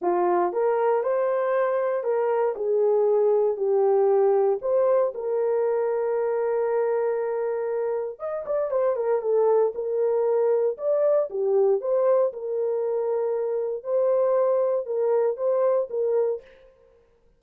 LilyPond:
\new Staff \with { instrumentName = "horn" } { \time 4/4 \tempo 4 = 117 f'4 ais'4 c''2 | ais'4 gis'2 g'4~ | g'4 c''4 ais'2~ | ais'1 |
dis''8 d''8 c''8 ais'8 a'4 ais'4~ | ais'4 d''4 g'4 c''4 | ais'2. c''4~ | c''4 ais'4 c''4 ais'4 | }